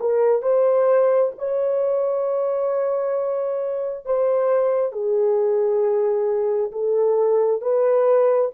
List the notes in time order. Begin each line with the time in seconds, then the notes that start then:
0.00 A#4
0.42 C5
1.38 C#5
4.05 C5
4.92 G#4
6.72 A4
7.61 B4